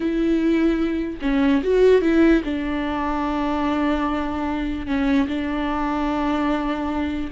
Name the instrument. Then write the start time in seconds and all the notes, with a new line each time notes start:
viola
0.00 E4
1.21 C#4
1.63 F#4
2.01 E4
2.44 D4
4.86 C#4
5.27 D4